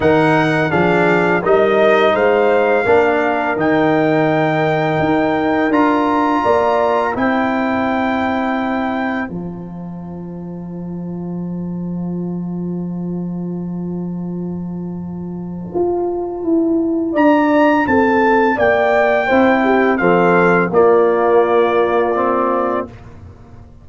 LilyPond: <<
  \new Staff \with { instrumentName = "trumpet" } { \time 4/4 \tempo 4 = 84 fis''4 f''4 dis''4 f''4~ | f''4 g''2. | ais''2 g''2~ | g''4 a''2.~ |
a''1~ | a''1 | ais''4 a''4 g''2 | f''4 d''2. | }
  \new Staff \with { instrumentName = "horn" } { \time 4/4 ais'4 gis'4 ais'4 c''4 | ais'1~ | ais'4 d''4 c''2~ | c''1~ |
c''1~ | c''1 | d''4 a'4 d''4 c''8 g'8 | a'4 f'2. | }
  \new Staff \with { instrumentName = "trombone" } { \time 4/4 dis'4 d'4 dis'2 | d'4 dis'2. | f'2 e'2~ | e'4 f'2.~ |
f'1~ | f'1~ | f'2. e'4 | c'4 ais2 c'4 | }
  \new Staff \with { instrumentName = "tuba" } { \time 4/4 dis4 f4 g4 gis4 | ais4 dis2 dis'4 | d'4 ais4 c'2~ | c'4 f2.~ |
f1~ | f2 f'4 e'4 | d'4 c'4 ais4 c'4 | f4 ais2. | }
>>